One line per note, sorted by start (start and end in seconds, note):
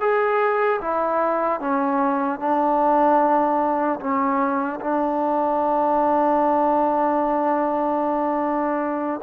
0.00 0.80 G#4
0.81 1.60 E4
1.60 2.39 C#4
2.39 3.99 D4
4.00 4.80 C#4
4.80 9.20 D4